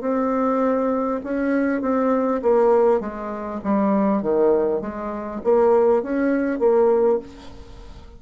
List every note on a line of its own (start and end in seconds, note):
0.00 1.20 C4
1.23 1.81 C#4
1.81 2.41 C4
2.42 3.00 A#3
3.00 3.60 G#3
3.63 4.22 G3
4.22 4.81 D#3
4.81 5.41 G#3
5.44 6.02 A#3
6.02 6.58 C#4
6.58 7.18 A#3